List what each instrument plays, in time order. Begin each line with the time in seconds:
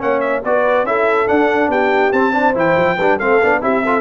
0.00 tuba A#3, trombone C#4, horn C#5, trumpet F#5
0.21 trumpet E5
0.45 tuba B3, trombone F#4, horn B4, trumpet D5
0.84 tuba C#4, trombone E4, horn A4, trumpet E5
1.27 trombone D4, tuba D4, trumpet F#5
1.68 tuba B3, horn G4, trumpet G5
2.12 tuba C4, trombone C4, trumpet A5
2.32 trombone D4, horn C5
2.54 tuba E3, trombone E4, trumpet G5
2.77 tuba F3
2.97 tuba G3, trombone D4, horn B4
3.17 tuba A3, trombone C4, horn A4, trumpet F5
3.43 tuba B3, trombone D4
3.62 tuba C4, trombone E4, horn G4, trumpet E5
3.85 trombone F4, horn A4